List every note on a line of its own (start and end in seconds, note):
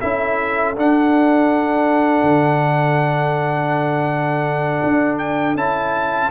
0.00 0.77 C#4
0.00 0.75 E4
0.00 6.30 A4
0.00 0.74 E5
0.77 5.57 D4
0.77 2.22 D4
0.77 5.18 F#5
2.22 4.81 D3
4.83 5.55 D4
5.18 5.55 G5
5.55 6.29 C#4
5.55 6.30 E4
5.55 6.30 A5